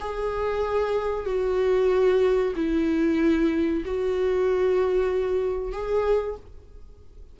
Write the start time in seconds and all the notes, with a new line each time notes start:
0.00 G#4
1.26 F#4
2.56 E4
3.85 F#4
5.72 G#4